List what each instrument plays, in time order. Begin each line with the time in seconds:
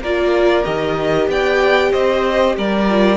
0.00 cello A#3, viola F4, violin A#4 D5
0.64 cello D#3, viola G4, violin D#5
1.28 cello B3, violin D5 G5
1.91 cello C4, violin C5 D#5
2.57 cello G3, violin A#4 D5
2.89 viola F4